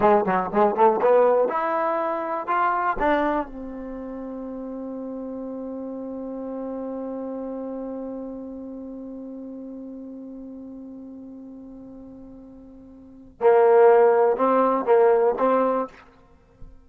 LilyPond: \new Staff \with { instrumentName = "trombone" } { \time 4/4 \tempo 4 = 121 gis8 fis8 gis8 a8 b4 e'4~ | e'4 f'4 d'4 c'4~ | c'1~ | c'1~ |
c'1~ | c'1~ | c'2. ais4~ | ais4 c'4 ais4 c'4 | }